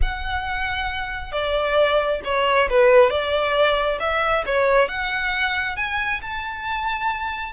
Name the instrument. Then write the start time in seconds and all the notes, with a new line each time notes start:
violin
0.02 F#5
1.32 D5
2.24 C#5
2.69 B4
3.10 D5
3.99 E5
4.46 C#5
4.88 F#5
5.76 G#5
6.21 A5